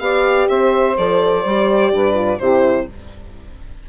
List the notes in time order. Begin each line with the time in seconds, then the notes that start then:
0.00 B3 G4 D5 F5
0.49 C4 C5 E5
0.98 F3 A4 D5
1.45 G3 G4
1.92 G2 B4
2.15 F4
2.39 C3 E4 G4 C5